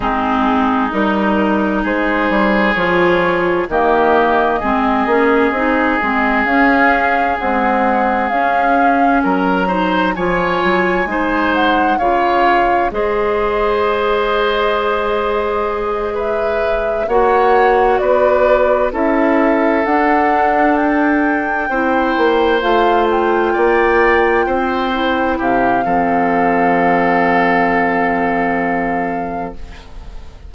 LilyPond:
<<
  \new Staff \with { instrumentName = "flute" } { \time 4/4 \tempo 4 = 65 gis'4 ais'4 c''4 cis''4 | dis''2. f''4 | fis''4 f''4 ais''4 gis''4~ | gis''8 fis''8 f''4 dis''2~ |
dis''4. e''4 fis''4 d''8~ | d''8 e''4 fis''4 g''4.~ | g''8 f''8 g''2~ g''8 f''8~ | f''1 | }
  \new Staff \with { instrumentName = "oboe" } { \time 4/4 dis'2 gis'2 | g'4 gis'2.~ | gis'2 ais'8 c''8 cis''4 | c''4 cis''4 c''2~ |
c''4. b'4 cis''4 b'8~ | b'8 a'2. c''8~ | c''4. d''4 c''4 g'8 | a'1 | }
  \new Staff \with { instrumentName = "clarinet" } { \time 4/4 c'4 dis'2 f'4 | ais4 c'8 cis'8 dis'8 c'8 cis'4 | gis4 cis'4. dis'8 f'4 | dis'4 f'4 gis'2~ |
gis'2~ gis'8 fis'4.~ | fis'8 e'4 d'2 e'8~ | e'8 f'2~ f'8 e'4 | c'1 | }
  \new Staff \with { instrumentName = "bassoon" } { \time 4/4 gis4 g4 gis8 g8 f4 | dis4 gis8 ais8 c'8 gis8 cis'4 | c'4 cis'4 fis4 f8 fis8 | gis4 cis4 gis2~ |
gis2~ gis8 ais4 b8~ | b8 cis'4 d'2 c'8 | ais8 a4 ais4 c'4 c8 | f1 | }
>>